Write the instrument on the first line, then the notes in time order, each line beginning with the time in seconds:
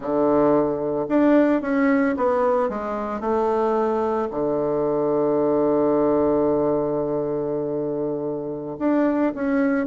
bassoon
0.00 D3
1.08 D4
1.61 C#4
2.16 B3
2.69 G#3
3.20 A3
4.30 D3
8.78 D4
9.34 C#4